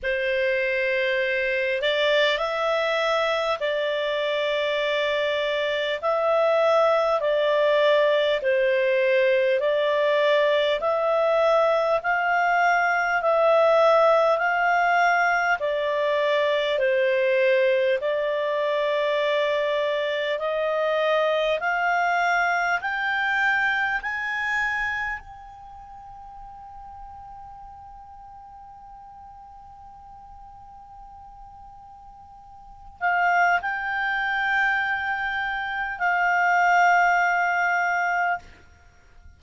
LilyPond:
\new Staff \with { instrumentName = "clarinet" } { \time 4/4 \tempo 4 = 50 c''4. d''8 e''4 d''4~ | d''4 e''4 d''4 c''4 | d''4 e''4 f''4 e''4 | f''4 d''4 c''4 d''4~ |
d''4 dis''4 f''4 g''4 | gis''4 g''2.~ | g''2.~ g''8 f''8 | g''2 f''2 | }